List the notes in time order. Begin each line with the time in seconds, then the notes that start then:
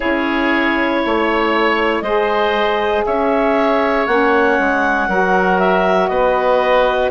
0.00 C#4 E4 G#4 C#5
1.05 A3 C#5
2.01 G#3 G#4 C5 D#5
3.05 C#4 C#5 E5
4.06 A#3 C#4 F#5
4.59 G#3
5.08 F#3 F#4 A#4
5.58 E5
6.08 B3 B4 D#5